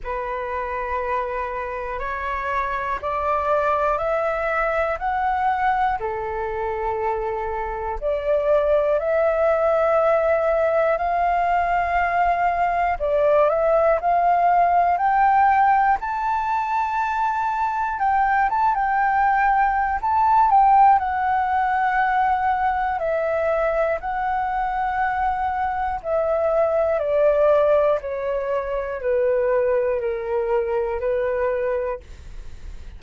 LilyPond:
\new Staff \with { instrumentName = "flute" } { \time 4/4 \tempo 4 = 60 b'2 cis''4 d''4 | e''4 fis''4 a'2 | d''4 e''2 f''4~ | f''4 d''8 e''8 f''4 g''4 |
a''2 g''8 a''16 g''4~ g''16 | a''8 g''8 fis''2 e''4 | fis''2 e''4 d''4 | cis''4 b'4 ais'4 b'4 | }